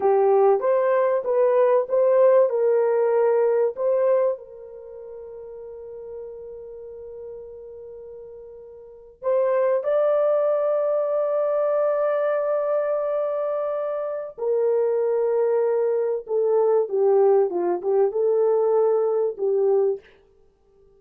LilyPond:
\new Staff \with { instrumentName = "horn" } { \time 4/4 \tempo 4 = 96 g'4 c''4 b'4 c''4 | ais'2 c''4 ais'4~ | ais'1~ | ais'2~ ais'8. c''4 d''16~ |
d''1~ | d''2. ais'4~ | ais'2 a'4 g'4 | f'8 g'8 a'2 g'4 | }